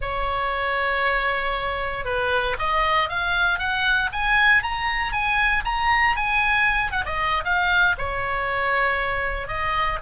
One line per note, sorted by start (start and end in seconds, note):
0.01 2.05 C#5
2.05 2.56 B4
2.58 3.09 D#5
3.09 3.59 F5
3.59 4.10 F#5
4.12 4.62 G#5
4.62 5.12 A#5
5.12 5.63 G#5
5.64 6.15 A#5
6.16 6.91 G#5
6.91 7.04 F#5
7.05 7.44 D#5
7.44 7.95 F5
7.97 9.47 C#5
9.47 9.99 D#5